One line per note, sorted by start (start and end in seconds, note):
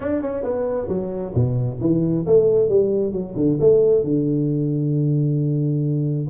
0.00 0.21 D4
0.21 0.43 C#4
0.43 0.88 B3
0.88 1.33 F#3
1.34 1.79 B2
1.80 2.25 E3
2.26 2.68 A3
2.68 3.12 G3
3.12 3.34 F#3
3.35 3.58 D3
3.60 4.03 A3
4.03 6.27 D3